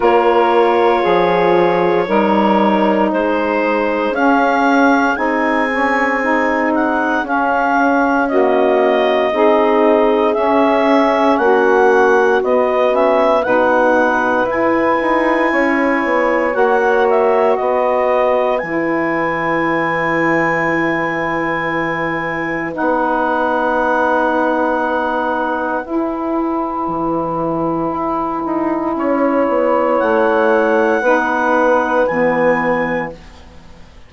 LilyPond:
<<
  \new Staff \with { instrumentName = "clarinet" } { \time 4/4 \tempo 4 = 58 cis''2. c''4 | f''4 gis''4. fis''8 f''4 | dis''2 e''4 fis''4 | dis''8 e''8 fis''4 gis''2 |
fis''8 e''8 dis''4 gis''2~ | gis''2 fis''2~ | fis''4 gis''2.~ | gis''4 fis''2 gis''4 | }
  \new Staff \with { instrumentName = "saxophone" } { \time 4/4 ais'4 gis'4 ais'4 gis'4~ | gis'1 | fis'4 gis'2 fis'4~ | fis'4 b'2 cis''4~ |
cis''4 b'2.~ | b'1~ | b'1 | cis''2 b'2 | }
  \new Staff \with { instrumentName = "saxophone" } { \time 4/4 f'2 dis'2 | cis'4 dis'8 cis'8 dis'4 cis'4 | ais4 dis'4 cis'2 | b8 cis'8 dis'4 e'2 |
fis'2 e'2~ | e'2 dis'2~ | dis'4 e'2.~ | e'2 dis'4 b4 | }
  \new Staff \with { instrumentName = "bassoon" } { \time 4/4 ais4 f4 g4 gis4 | cis'4 c'2 cis'4~ | cis'4 c'4 cis'4 ais4 | b4 b,4 e'8 dis'8 cis'8 b8 |
ais4 b4 e2~ | e2 b2~ | b4 e'4 e4 e'8 dis'8 | cis'8 b8 a4 b4 e4 | }
>>